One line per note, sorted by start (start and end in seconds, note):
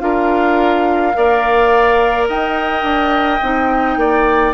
0.00 1.15 D4
0.00 1.14 F4
0.00 1.17 A#4
0.00 2.26 F5
1.14 2.29 A#3
1.14 3.40 A#4
1.14 2.29 D5
2.29 2.83 D#4
2.29 3.99 D#5
2.29 4.54 G5
2.83 3.39 D4
3.43 3.97 C4
3.43 4.54 D#4
3.97 4.54 A#3
3.97 4.54 D5